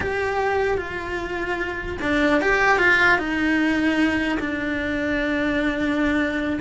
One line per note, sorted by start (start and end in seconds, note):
0.00 0.77 G4
0.77 1.97 F4
2.01 2.41 D4
2.41 2.78 G4
2.78 3.18 F4
3.18 4.38 D#4
4.39 6.59 D4